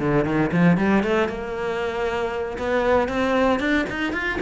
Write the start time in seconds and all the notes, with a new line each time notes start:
0.00 D3
0.25 D#3
0.52 F3
0.78 G3
1.03 A3
1.29 A#3
2.59 B3
3.09 C4
3.60 D4
3.90 D#4
4.13 F4